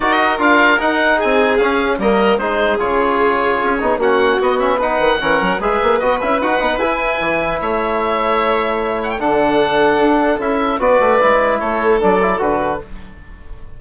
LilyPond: <<
  \new Staff \with { instrumentName = "oboe" } { \time 4/4 \tempo 4 = 150 dis''4 f''4 fis''4 gis''4 | f''4 dis''4 c''4 cis''4~ | cis''2 fis''4 dis''8 e''8 | fis''2 e''4 dis''8 e''8 |
fis''4 gis''2 e''4~ | e''2~ e''8 fis''16 g''16 fis''4~ | fis''2 e''4 d''4~ | d''4 cis''4 d''4 b'4 | }
  \new Staff \with { instrumentName = "violin" } { \time 4/4 ais'2. gis'4~ | gis'4 ais'4 gis'2~ | gis'2 fis'2 | b'4 ais'4 b'2~ |
b'2. cis''4~ | cis''2. a'4~ | a'2. b'4~ | b'4 a'2. | }
  \new Staff \with { instrumentName = "trombone" } { \time 4/4 fis'4 f'4 dis'2 | cis'4 ais4 dis'4 f'4~ | f'4. dis'8 cis'4 b8 cis'8 | dis'4 cis'4 gis'4 fis'8 e'8 |
fis'8 dis'8 e'2.~ | e'2. d'4~ | d'2 e'4 fis'4 | e'2 d'8 e'8 fis'4 | }
  \new Staff \with { instrumentName = "bassoon" } { \time 4/4 dis'4 d'4 dis'4 c'4 | cis'4 g4 gis4 cis4~ | cis4 cis'8 b8 ais4 b4~ | b8 dis8 e8 fis8 gis8 ais8 b8 cis'8 |
dis'8 b8 e'4 e4 a4~ | a2. d4~ | d4 d'4 cis'4 b8 a8 | gis4 a4 fis4 d4 | }
>>